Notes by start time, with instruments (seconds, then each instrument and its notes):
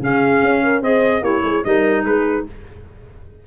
0.00 tuba C#3, clarinet C#4, horn G#4, trumpet F5
0.43 tuba C#4
0.64 horn A#4
0.82 tuba C4, clarinet G#4, horn C5, trumpet D#5
1.22 tuba A#3, clarinet E4, horn G4, trumpet C#5
1.44 tuba G#3, horn G#4
1.65 tuba G3, clarinet D#4, horn A#4, trumpet D#5
2.05 tuba G#3, horn G#4, trumpet B4